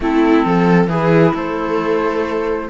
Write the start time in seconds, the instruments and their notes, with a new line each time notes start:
0.00 cello A3, clarinet C4, viola E4, flute A4
0.45 cello F3, viola A4
0.87 cello E3, clarinet E4, viola G#4, flute B4
1.34 cello A3, viola A4, flute C5